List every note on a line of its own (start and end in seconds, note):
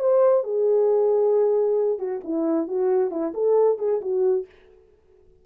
0.00 0.44 C5
0.44 1.99 G#4
1.99 2.21 F#4
2.24 2.68 E4
2.68 3.11 F#4
3.11 3.33 E4
3.35 3.79 A4
3.79 4.01 G#4
4.01 4.46 F#4